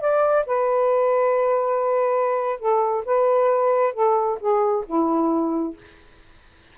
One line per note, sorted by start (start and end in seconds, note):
0.00 0.45 D5
0.46 2.59 B4
2.59 3.04 A4
3.05 3.93 B4
3.93 4.38 A4
4.39 4.85 G#4
4.86 5.76 E4